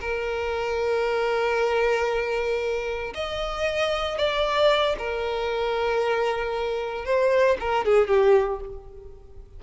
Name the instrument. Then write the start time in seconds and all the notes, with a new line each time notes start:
violin
0.00 A#4
3.14 D#5
4.17 D5
4.98 A#4
7.05 C5
7.60 A#4
7.85 G#4
8.07 G4